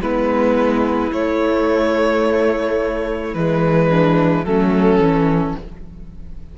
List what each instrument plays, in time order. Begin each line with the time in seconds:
0.00 cello G#3, viola B3, violin E4 B4
1.12 cello A3, viola A3, violin C#5
3.34 cello E3, viola G#3, violin B4
3.89 violin D4
4.45 cello F#3, viola A3, violin C#4 A4
4.99 cello E3, viola C#4